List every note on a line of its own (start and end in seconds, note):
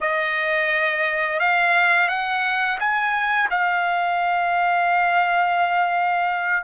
0.00 1.39 D#5
1.39 2.08 F5
2.08 2.78 F#5
2.79 3.49 G#5
3.50 6.63 F5